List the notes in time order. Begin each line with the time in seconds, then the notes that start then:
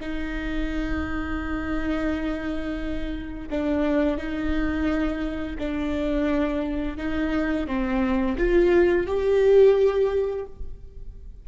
0.00 D#4
3.50 D4
4.17 D#4
5.58 D4
6.97 D#4
7.67 C4
8.38 F4
9.06 G4